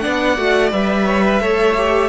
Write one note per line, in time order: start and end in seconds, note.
0.00 0.37 B3
0.00 0.36 D4
0.00 1.06 D5
0.00 0.70 F#5
0.37 0.72 A3
0.37 0.71 F#4
0.71 1.41 G3
0.71 1.41 B4
0.71 2.09 E5
1.06 1.24 C#5
1.26 1.42 B4
1.41 2.09 A3
1.41 1.76 A4
1.41 2.09 C#5
1.77 2.09 G4